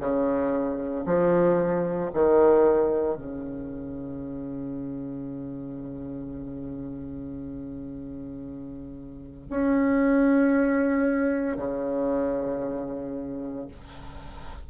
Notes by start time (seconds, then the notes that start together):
0.00 C#3
1.06 F3
2.14 D#3
3.16 C#3
9.50 C#4
11.57 C#3